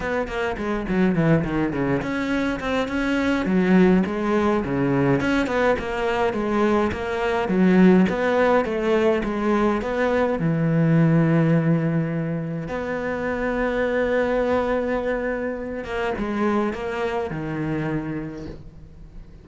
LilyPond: \new Staff \with { instrumentName = "cello" } { \time 4/4 \tempo 4 = 104 b8 ais8 gis8 fis8 e8 dis8 cis8 cis'8~ | cis'8 c'8 cis'4 fis4 gis4 | cis4 cis'8 b8 ais4 gis4 | ais4 fis4 b4 a4 |
gis4 b4 e2~ | e2 b2~ | b2.~ b8 ais8 | gis4 ais4 dis2 | }